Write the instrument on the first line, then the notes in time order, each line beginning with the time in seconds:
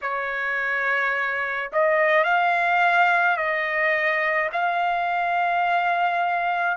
trumpet
0.01 C#5
1.72 D#5
2.24 F5
3.37 D#5
4.52 F5